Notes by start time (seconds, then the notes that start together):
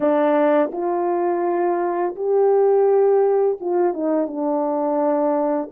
0.00 D4
0.72 F4
2.15 G4
3.60 F4
3.93 D#4
4.27 D4